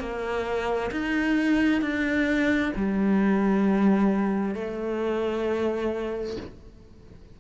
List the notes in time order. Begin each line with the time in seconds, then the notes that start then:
0.00 A#3
0.91 D#4
1.82 D4
2.76 G3
4.55 A3